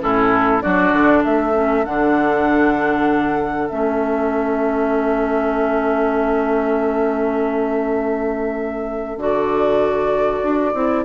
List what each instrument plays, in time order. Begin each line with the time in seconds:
0.00 bassoon A2, clarinet C#4, oboe E4, flute A4
0.61 bassoon F#3, clarinet D4, oboe F#4, flute D5
0.92 bassoon D3
1.23 bassoon A3, oboe A4, flute E5
1.53 clarinet C#4
1.84 bassoon D3, clarinet D4, flute F#5
3.67 bassoon A3, clarinet C#4, flute E5
9.17 bassoon D3, clarinet F#4, flute D5
10.42 bassoon D4
10.73 bassoon C4, clarinet E4